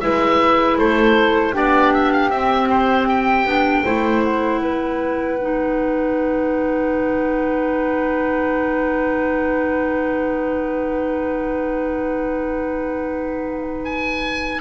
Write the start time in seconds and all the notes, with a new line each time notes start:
0.00 G#3 E4 B4 E5
0.78 A3 A4 C5
1.53 B3 D4 G4 D5
1.93 E5
2.12 F5
2.29 C4 E5
2.69 C5
3.09 G5
3.45 B3 D4
3.83 A3 E4 C5
4.24 F#5
4.61 B3 B4
5.41 D#4
13.84 G#5